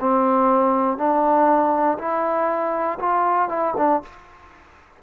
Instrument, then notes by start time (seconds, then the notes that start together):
trombone
0.00 C4
0.98 D4
1.99 E4
2.99 F4
3.49 E4
3.78 D4